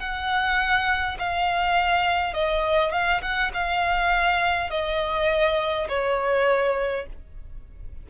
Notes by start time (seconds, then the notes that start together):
0.00 F#5
1.19 F5
2.34 D#5
2.93 F5
3.22 F#5
3.54 F5
4.71 D#5
5.89 C#5